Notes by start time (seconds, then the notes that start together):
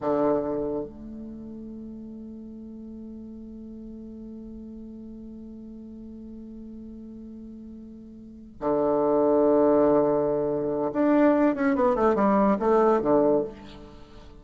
0.01 D3
0.84 A3
8.60 D3
10.92 D4
11.55 C#4
11.75 B3
11.95 A3
12.15 G3
12.59 A3
13.01 D3